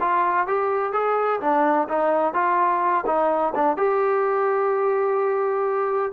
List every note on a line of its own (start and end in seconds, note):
0.00 0.47 F4
0.47 0.93 G4
0.93 1.40 G#4
1.40 1.88 D4
1.88 2.33 D#4
2.33 3.04 F4
3.06 3.53 D#4
3.55 3.77 D4
3.77 6.12 G4